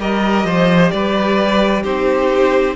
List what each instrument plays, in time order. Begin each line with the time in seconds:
0.00 cello G3, viola G4, violin A#4 D#5
0.45 cello F3, violin C5
0.91 cello G3, violin B4 D5
1.83 cello C4, viola D#4, violin G4 C5